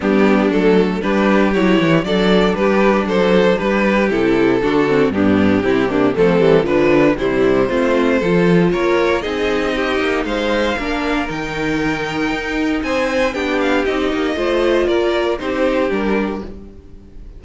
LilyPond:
<<
  \new Staff \with { instrumentName = "violin" } { \time 4/4 \tempo 4 = 117 g'4 a'4 b'4 cis''4 | d''4 b'4 c''4 b'4 | a'2 g'2 | a'4 b'4 c''2~ |
c''4 cis''4 dis''2 | f''2 g''2~ | g''4 gis''4 g''8 f''8 dis''4~ | dis''4 d''4 c''4 ais'4 | }
  \new Staff \with { instrumentName = "violin" } { \time 4/4 d'2 g'2 | a'4 g'4 a'4 g'4~ | g'4 fis'4 d'4 e'8 d'8 | c'4 d'4 e'4 f'4 |
a'4 ais'4 gis'4 g'4 | c''4 ais'2.~ | ais'4 c''4 g'2 | c''4 ais'4 g'2 | }
  \new Staff \with { instrumentName = "viola" } { \time 4/4 b4 a4 d'4 e'4 | d'1 | e'4 d'8 c'8 b4 c'8 ais8 | a8 g8 f4 g4 c'4 |
f'2 dis'2~ | dis'4 d'4 dis'2~ | dis'2 d'4 dis'4 | f'2 dis'4 d'4 | }
  \new Staff \with { instrumentName = "cello" } { \time 4/4 g4 fis4 g4 fis8 e8 | fis4 g4 fis4 g4 | c4 d4 g,4 c4 | f8 e8 d4 c4 a4 |
f4 ais4 c'4. ais8 | gis4 ais4 dis2 | dis'4 c'4 b4 c'8 ais8 | a4 ais4 c'4 g4 | }
>>